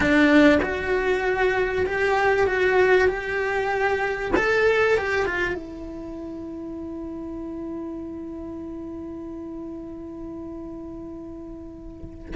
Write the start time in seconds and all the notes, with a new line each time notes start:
0.00 D4
0.62 F#4
1.86 G4
2.46 F#4
3.08 G4
4.36 A4
4.97 G4
5.25 F4
5.54 E4